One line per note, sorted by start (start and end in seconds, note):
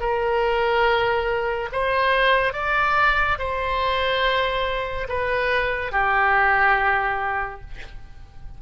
0.00 1.69 A#4
1.72 2.53 C5
2.53 3.37 D5
3.38 5.07 C5
5.08 5.92 B4
5.92 7.61 G4